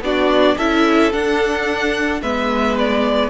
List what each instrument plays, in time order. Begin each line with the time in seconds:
0.00 cello B3, viola D4, violin F#4 D5
0.56 cello C#4, viola E4, violin A4 E5
1.12 viola D4, cello D4, violin F#5
2.21 cello G#3, viola B3, violin B4 E5
2.78 violin D5